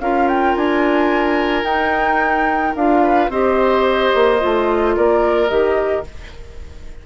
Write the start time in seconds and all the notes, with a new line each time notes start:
0.00 C#4 F4 A#4 F5
0.28 G5
0.56 D4 G#5
1.63 D#4 G5
2.76 D4 F4 F5
3.03 B4
3.29 C4 G4 C5 D#5
4.14 A#3
4.39 A3 F4
4.96 A#3 A#4 D5
5.49 D#3 G4 D#5